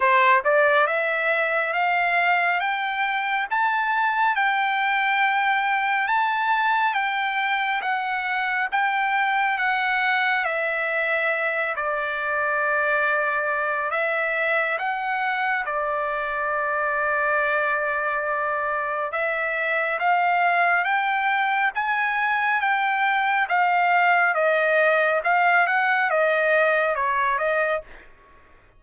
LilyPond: \new Staff \with { instrumentName = "trumpet" } { \time 4/4 \tempo 4 = 69 c''8 d''8 e''4 f''4 g''4 | a''4 g''2 a''4 | g''4 fis''4 g''4 fis''4 | e''4. d''2~ d''8 |
e''4 fis''4 d''2~ | d''2 e''4 f''4 | g''4 gis''4 g''4 f''4 | dis''4 f''8 fis''8 dis''4 cis''8 dis''8 | }